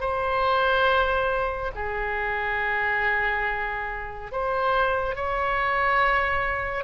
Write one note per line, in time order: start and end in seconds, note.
0.00 1.71 C5
1.75 4.32 G#4
4.32 5.15 C5
5.15 6.84 C#5